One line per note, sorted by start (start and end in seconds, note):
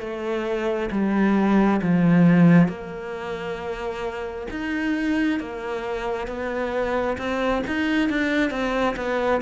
0.00 0.90 A3
0.91 1.80 G3
1.82 2.68 F3
2.68 4.47 A#3
4.51 5.40 D#4
5.40 6.27 A#3
6.27 7.17 B3
7.18 7.63 C4
7.67 8.09 D#4
8.09 8.51 D4
8.51 8.96 C4
8.96 9.41 B3